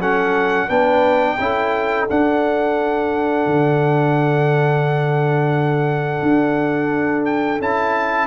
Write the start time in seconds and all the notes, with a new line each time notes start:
0.00 F#3 C#4 A4 F#5
0.67 B3 D4 B4 G5
1.39 C#4 E4 A4
2.08 D4 F#5
3.46 D3
6.22 D4
7.25 G5
7.59 C#4 E4 A5